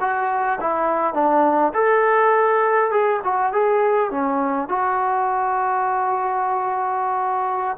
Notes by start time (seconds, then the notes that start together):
0.00 F#4
0.61 E4
1.14 D4
1.74 A4
2.91 G#4
3.24 F#4
3.52 G#4
4.11 C#4
4.68 F#4